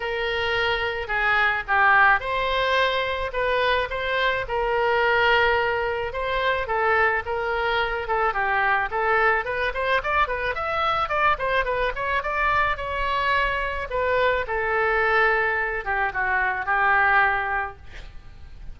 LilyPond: \new Staff \with { instrumentName = "oboe" } { \time 4/4 \tempo 4 = 108 ais'2 gis'4 g'4 | c''2 b'4 c''4 | ais'2. c''4 | a'4 ais'4. a'8 g'4 |
a'4 b'8 c''8 d''8 b'8 e''4 | d''8 c''8 b'8 cis''8 d''4 cis''4~ | cis''4 b'4 a'2~ | a'8 g'8 fis'4 g'2 | }